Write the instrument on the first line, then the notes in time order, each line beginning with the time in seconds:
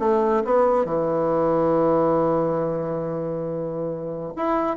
bassoon
0.00 A3
0.45 B3
0.85 E3
4.36 E4